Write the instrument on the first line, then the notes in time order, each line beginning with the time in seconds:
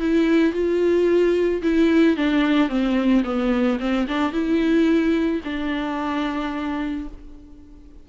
viola
0.00 E4
0.53 F4
1.62 E4
2.17 D4
2.69 C4
3.24 B3
3.80 C4
4.08 D4
4.33 E4
5.45 D4